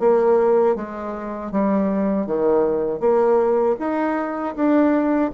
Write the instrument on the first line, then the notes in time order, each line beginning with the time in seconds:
bassoon
0.00 A#3
0.76 G#3
1.52 G3
2.26 D#3
3.00 A#3
3.79 D#4
4.56 D4